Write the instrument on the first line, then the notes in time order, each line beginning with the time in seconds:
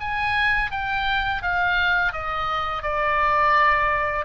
oboe
0.00 G#5
0.71 G5
1.42 F5
2.12 D#5
2.82 D5